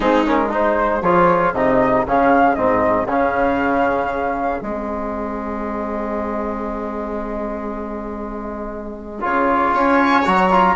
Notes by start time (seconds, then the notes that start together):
0.00 G#3 C4 D#4 G#4
0.25 C#4 A#4
0.49 D#4 G#4 C5
1.02 F3 F4 C#5
1.52 C3 D#4 D#5
2.06 C#3 C#4 F5
2.55 G#2 C4 D#5
3.05 C#3 C#4 F5
4.61 G#3 C4 D#5
9.20 C#3 F4 C#5
9.73 C#4 C#5 G#5
10.24 F#3 F#4 A#5
10.51 F4